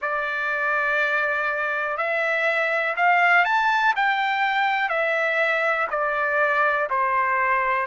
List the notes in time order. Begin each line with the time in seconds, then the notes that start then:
0.01 D5
1.97 E5
2.96 F5
3.44 A5
3.96 G5
4.89 E5
5.90 D5
6.89 C5